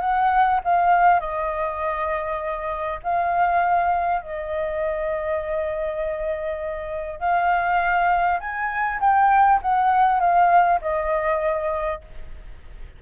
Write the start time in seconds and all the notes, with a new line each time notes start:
0.00 F#5
0.64 F5
1.20 D#5
3.03 F5
4.21 D#5
7.19 F5
8.40 G#5
9.00 G5
9.62 F#5
10.20 F5
10.81 D#5